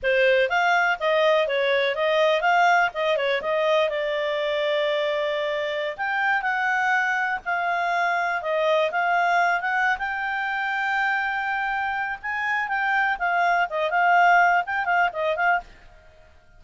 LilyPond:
\new Staff \with { instrumentName = "clarinet" } { \time 4/4 \tempo 4 = 123 c''4 f''4 dis''4 cis''4 | dis''4 f''4 dis''8 cis''8 dis''4 | d''1~ | d''16 g''4 fis''2 f''8.~ |
f''4~ f''16 dis''4 f''4. fis''16~ | fis''8 g''2.~ g''8~ | g''4 gis''4 g''4 f''4 | dis''8 f''4. g''8 f''8 dis''8 f''8 | }